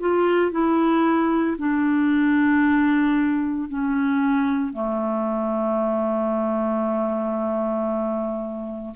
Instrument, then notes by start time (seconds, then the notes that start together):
clarinet
0.00 F4
0.52 E4
1.58 D4
3.69 C#4
4.73 A3